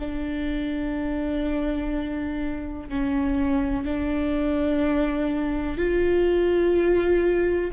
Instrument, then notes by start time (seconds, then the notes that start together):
viola
0.00 D4
2.89 C#4
3.85 D4
5.78 F4